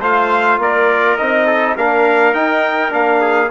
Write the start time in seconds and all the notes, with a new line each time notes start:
0.00 A3 F4 C5 F5
0.58 A#3 A#4 D5
1.17 C4 D#4 D#5
1.46 A4
1.76 A#3 D4 A#4 F5
2.34 D#4 G5
2.90 A#3 D4 F5
3.21 G#4